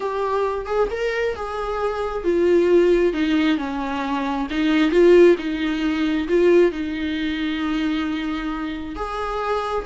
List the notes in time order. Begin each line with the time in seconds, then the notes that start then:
0.00 G4
0.66 G#4
0.91 A#4
1.35 G#4
2.24 F4
3.13 D#4
3.57 C#4
4.50 D#4
4.91 F4
5.38 D#4
6.27 F4
6.71 D#4
8.95 G#4